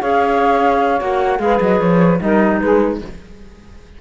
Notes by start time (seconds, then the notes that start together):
0.00 C#4 G#4 C#5 F5
1.00 A#3 F#4 F#5
1.39 G#3 G#4 B4 F5
1.61 F#3 D#5
1.80 F3 C#5
2.20 G3 D#4 A#4 D#5
2.60 G#3 G#4 B4